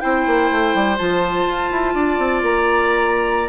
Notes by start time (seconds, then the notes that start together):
0.00 C4 E4 C5 G5
0.27 A#3
0.51 A3
0.74 G3
0.98 F3 F4 A5
1.46 F4
1.71 E4
1.94 D4 D5
2.19 C4
2.43 A#3 A#5